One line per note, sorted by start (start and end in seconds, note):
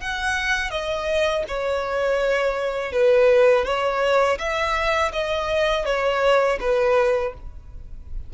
0.00 0.71 F#5
0.71 1.44 D#5
1.48 2.92 C#5
2.92 3.65 B4
3.65 4.38 C#5
4.39 5.12 E5
5.12 5.85 D#5
5.85 6.58 C#5
6.60 7.33 B4